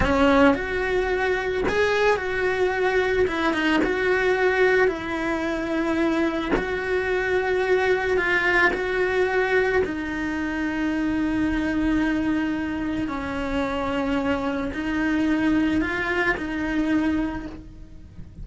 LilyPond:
\new Staff \with { instrumentName = "cello" } { \time 4/4 \tempo 4 = 110 cis'4 fis'2 gis'4 | fis'2 e'8 dis'8 fis'4~ | fis'4 e'2. | fis'2. f'4 |
fis'2 dis'2~ | dis'1 | cis'2. dis'4~ | dis'4 f'4 dis'2 | }